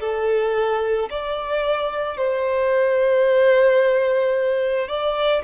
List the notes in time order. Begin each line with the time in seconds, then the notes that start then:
0.00 A4
1.10 D5
2.18 C5
4.88 D5